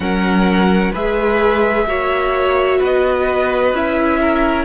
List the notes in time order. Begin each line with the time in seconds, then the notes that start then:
0.00 F#3 C#4 A#4 F#5
0.92 G#3 G#4 B4 E5
1.86 A#3 F#4 C#5
2.78 B3 B4 D#5
3.72 C#4 E4 E5
4.20 A#4